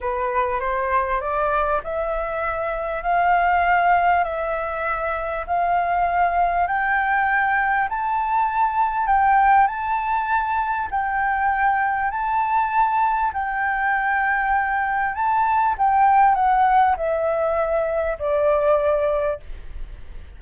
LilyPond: \new Staff \with { instrumentName = "flute" } { \time 4/4 \tempo 4 = 99 b'4 c''4 d''4 e''4~ | e''4 f''2 e''4~ | e''4 f''2 g''4~ | g''4 a''2 g''4 |
a''2 g''2 | a''2 g''2~ | g''4 a''4 g''4 fis''4 | e''2 d''2 | }